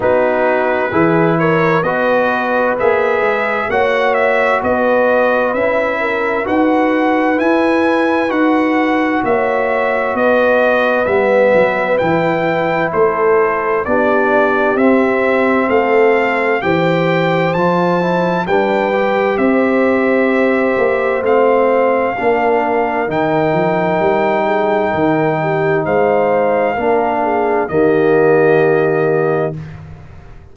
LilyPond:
<<
  \new Staff \with { instrumentName = "trumpet" } { \time 4/4 \tempo 4 = 65 b'4. cis''8 dis''4 e''4 | fis''8 e''8 dis''4 e''4 fis''4 | gis''4 fis''4 e''4 dis''4 | e''4 g''4 c''4 d''4 |
e''4 f''4 g''4 a''4 | g''4 e''2 f''4~ | f''4 g''2. | f''2 dis''2 | }
  \new Staff \with { instrumentName = "horn" } { \time 4/4 fis'4 gis'8 ais'8 b'2 | cis''4 b'4. ais'8 b'4~ | b'2 cis''4 b'4~ | b'2 a'4 g'4~ |
g'4 a'4 c''2 | b'4 c''2. | ais'2~ ais'8 gis'8 ais'8 g'8 | c''4 ais'8 gis'8 g'2 | }
  \new Staff \with { instrumentName = "trombone" } { \time 4/4 dis'4 e'4 fis'4 gis'4 | fis'2 e'4 fis'4 | e'4 fis'2. | b4 e'2 d'4 |
c'2 g'4 f'8 e'8 | d'8 g'2~ g'8 c'4 | d'4 dis'2.~ | dis'4 d'4 ais2 | }
  \new Staff \with { instrumentName = "tuba" } { \time 4/4 b4 e4 b4 ais8 gis8 | ais4 b4 cis'4 dis'4 | e'4 dis'4 ais4 b4 | g8 fis8 e4 a4 b4 |
c'4 a4 e4 f4 | g4 c'4. ais8 a4 | ais4 dis8 f8 g4 dis4 | gis4 ais4 dis2 | }
>>